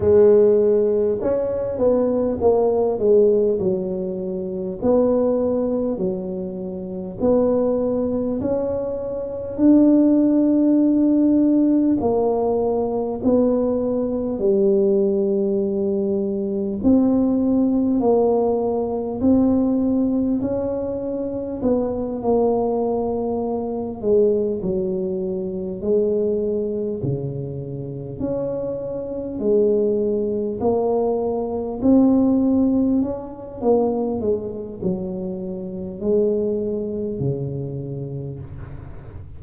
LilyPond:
\new Staff \with { instrumentName = "tuba" } { \time 4/4 \tempo 4 = 50 gis4 cis'8 b8 ais8 gis8 fis4 | b4 fis4 b4 cis'4 | d'2 ais4 b4 | g2 c'4 ais4 |
c'4 cis'4 b8 ais4. | gis8 fis4 gis4 cis4 cis'8~ | cis'8 gis4 ais4 c'4 cis'8 | ais8 gis8 fis4 gis4 cis4 | }